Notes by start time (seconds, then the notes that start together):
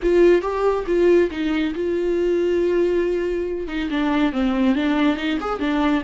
0.02 F4
0.41 G4
0.87 F4
1.30 D#4
1.74 F4
3.67 D#4
3.90 D4
4.32 C4
4.75 D4
5.16 D#4
5.40 G#4
5.59 D4